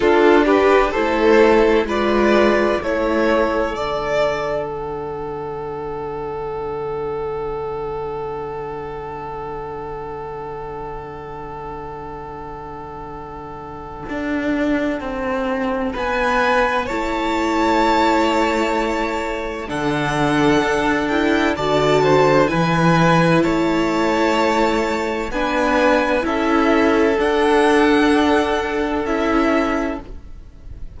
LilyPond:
<<
  \new Staff \with { instrumentName = "violin" } { \time 4/4 \tempo 4 = 64 a'8 b'8 c''4 d''4 cis''4 | d''4 fis''2.~ | fis''1~ | fis''1~ |
fis''4 gis''4 a''2~ | a''4 fis''4. g''8 a''4 | gis''4 a''2 gis''4 | e''4 fis''2 e''4 | }
  \new Staff \with { instrumentName = "violin" } { \time 4/4 f'8 g'8 a'4 b'4 a'4~ | a'1~ | a'1~ | a'1~ |
a'4 b'4 cis''2~ | cis''4 a'2 d''8 c''8 | b'4 cis''2 b'4 | a'1 | }
  \new Staff \with { instrumentName = "viola" } { \time 4/4 d'4 e'4 f'4 e'4 | d'1~ | d'1~ | d'1~ |
d'2 e'2~ | e'4 d'4. e'8 fis'4 | e'2. d'4 | e'4 d'2 e'4 | }
  \new Staff \with { instrumentName = "cello" } { \time 4/4 d'4 a4 gis4 a4 | d1~ | d1~ | d2. d'4 |
c'4 b4 a2~ | a4 d4 d'4 d4 | e4 a2 b4 | cis'4 d'2 cis'4 | }
>>